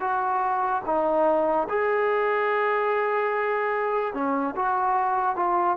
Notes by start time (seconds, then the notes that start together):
0.00 F#4
0.86 D#4
1.69 G#4
4.14 C#4
4.55 F#4
5.35 F4